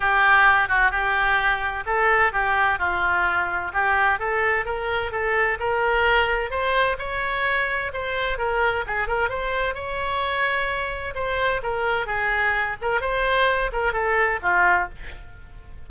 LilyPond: \new Staff \with { instrumentName = "oboe" } { \time 4/4 \tempo 4 = 129 g'4. fis'8 g'2 | a'4 g'4 f'2 | g'4 a'4 ais'4 a'4 | ais'2 c''4 cis''4~ |
cis''4 c''4 ais'4 gis'8 ais'8 | c''4 cis''2. | c''4 ais'4 gis'4. ais'8 | c''4. ais'8 a'4 f'4 | }